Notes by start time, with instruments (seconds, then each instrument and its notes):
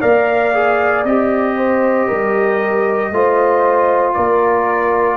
0.00 tuba A#3, trombone A#4, horn D5, trumpet F5
0.54 trombone G#4
1.04 tuba C4, trombone G4, trumpet D#5
1.56 horn C5
2.08 tuba G3, horn A#4
3.11 tuba A3, trombone F4, horn C5
4.14 tuba A#3, horn A#4, trumpet D5